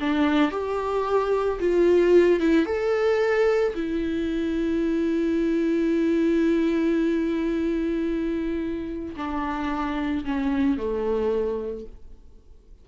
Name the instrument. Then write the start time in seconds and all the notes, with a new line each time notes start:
viola
0.00 D4
0.51 G4
1.60 F4
2.40 E4
2.66 A4
3.75 E4
9.16 D4
10.25 C#4
10.77 A3